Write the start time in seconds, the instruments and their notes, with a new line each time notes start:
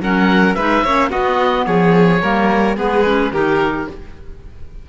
0.00 cello F#3, clarinet C#4, violin A#4, oboe F#5
0.54 cello G#3, clarinet D#4, violin B4, oboe E5
0.84 cello A#3, clarinet C#4, violin C#5
1.09 clarinet B3, cello B3, violin F#4, oboe D#5
1.66 cello F3, violin G#4, oboe C#5
2.21 cello G3, clarinet A#3, violin A#4
2.76 cello G#3, clarinet B3, violin G#4, oboe B4
3.05 clarinet C#4
3.31 cello D#3, clarinet D#4, violin G4, oboe A#4